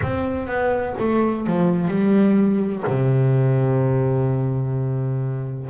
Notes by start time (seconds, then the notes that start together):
0.02 C4
0.47 B3
0.99 A3
1.46 F3
1.88 G3
2.87 C3